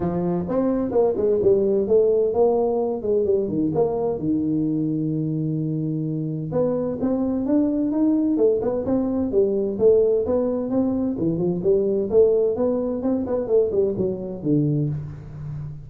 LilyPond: \new Staff \with { instrumentName = "tuba" } { \time 4/4 \tempo 4 = 129 f4 c'4 ais8 gis8 g4 | a4 ais4. gis8 g8 dis8 | ais4 dis2.~ | dis2 b4 c'4 |
d'4 dis'4 a8 b8 c'4 | g4 a4 b4 c'4 | e8 f8 g4 a4 b4 | c'8 b8 a8 g8 fis4 d4 | }